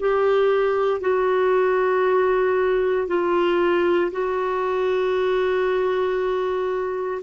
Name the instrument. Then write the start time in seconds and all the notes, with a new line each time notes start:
clarinet
0.00 G4
1.01 F#4
3.08 F4
4.12 F#4